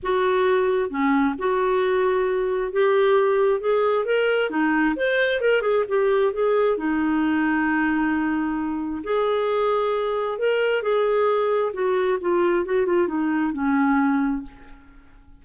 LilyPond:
\new Staff \with { instrumentName = "clarinet" } { \time 4/4 \tempo 4 = 133 fis'2 cis'4 fis'4~ | fis'2 g'2 | gis'4 ais'4 dis'4 c''4 | ais'8 gis'8 g'4 gis'4 dis'4~ |
dis'1 | gis'2. ais'4 | gis'2 fis'4 f'4 | fis'8 f'8 dis'4 cis'2 | }